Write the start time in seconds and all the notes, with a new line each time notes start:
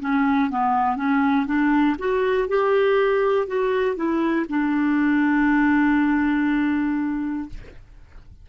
0.00 C#4
0.50 B3
0.96 C#4
1.46 D4
1.99 F#4
2.48 G4
3.47 F#4
3.96 E4
4.49 D4